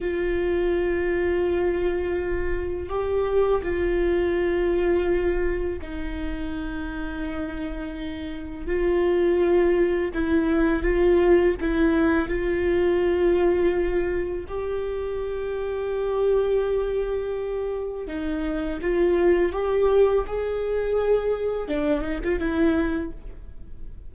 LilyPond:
\new Staff \with { instrumentName = "viola" } { \time 4/4 \tempo 4 = 83 f'1 | g'4 f'2. | dis'1 | f'2 e'4 f'4 |
e'4 f'2. | g'1~ | g'4 dis'4 f'4 g'4 | gis'2 d'8 dis'16 f'16 e'4 | }